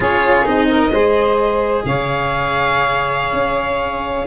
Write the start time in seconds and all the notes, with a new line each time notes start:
0.00 C#4 F4 G#4 C#5
0.45 C4 D#4 D#5
0.69 A#4
0.91 G#3 G#4 C5
1.85 C#3 C#5 F5
3.32 C#4